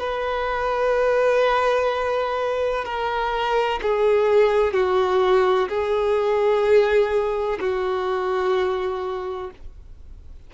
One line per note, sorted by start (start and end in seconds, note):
0.00 2.85 B4
2.85 3.81 A#4
3.83 4.74 G#4
4.74 5.69 F#4
5.69 7.60 G#4
7.60 9.51 F#4